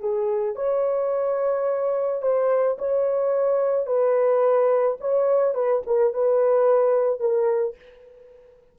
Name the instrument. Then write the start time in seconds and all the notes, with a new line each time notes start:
horn
0.00 G#4
0.56 C#5
2.22 C5
2.78 C#5
3.86 B4
5.00 C#5
5.54 B4
5.86 A#4
6.13 B4
7.20 A#4